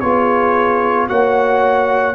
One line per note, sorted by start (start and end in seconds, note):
0.00 1.09 B3
0.00 1.09 F4
0.00 1.09 G#4
0.00 1.07 C#5
1.09 2.15 A#3
1.09 2.15 F#4
1.09 2.15 C#5
1.09 2.15 F#5